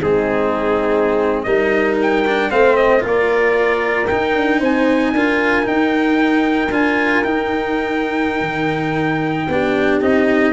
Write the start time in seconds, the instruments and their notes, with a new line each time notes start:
0.00 tuba G#3, cello C4, horn D#4, trumpet G#4
1.43 tuba G3, cello D#4, horn A#4, trumpet D#5
2.02 trumpet G5
2.27 cello D4
2.50 tuba A3, cello C4, horn C5, trumpet F5
2.76 trumpet D#5
3.00 tuba A#3, cello F4, horn A#4
3.08 trumpet D5
4.07 cello D#4, tuba D#4, trumpet G5
4.35 tuba D4
4.60 tuba C4, horn C5, trumpet G#5
5.13 tuba D4, cello F4, horn A#4
5.63 cello D#4, tuba D#4, trumpet G5
6.71 tuba D4, cello F4, trumpet G#5
7.24 cello D#4, tuba D#4, trumpet G5
8.41 tuba D#3
9.48 tuba B3, cello D4, horn G4
10.01 tuba C4, cello D#4, trumpet D#5